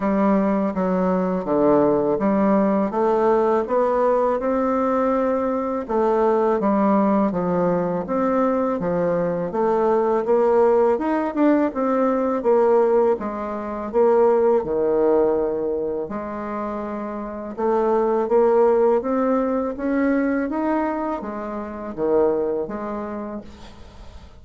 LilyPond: \new Staff \with { instrumentName = "bassoon" } { \time 4/4 \tempo 4 = 82 g4 fis4 d4 g4 | a4 b4 c'2 | a4 g4 f4 c'4 | f4 a4 ais4 dis'8 d'8 |
c'4 ais4 gis4 ais4 | dis2 gis2 | a4 ais4 c'4 cis'4 | dis'4 gis4 dis4 gis4 | }